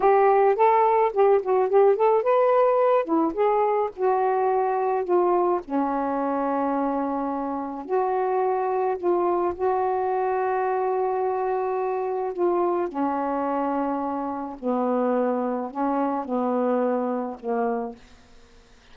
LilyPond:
\new Staff \with { instrumentName = "saxophone" } { \time 4/4 \tempo 4 = 107 g'4 a'4 g'8 fis'8 g'8 a'8 | b'4. e'8 gis'4 fis'4~ | fis'4 f'4 cis'2~ | cis'2 fis'2 |
f'4 fis'2.~ | fis'2 f'4 cis'4~ | cis'2 b2 | cis'4 b2 ais4 | }